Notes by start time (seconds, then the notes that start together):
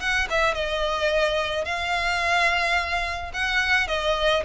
0.00 F#5
0.30 E5
0.55 D#5
1.65 F5
3.34 F#5
3.88 D#5